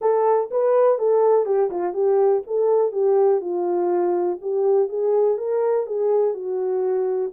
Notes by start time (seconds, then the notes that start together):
0.01 A4
0.50 B4
0.98 A4
1.45 G4
1.70 F4
1.93 G4
2.46 A4
2.92 G4
3.40 F4
4.41 G4
4.88 G#4
5.37 A#4
5.86 G#4
6.33 F#4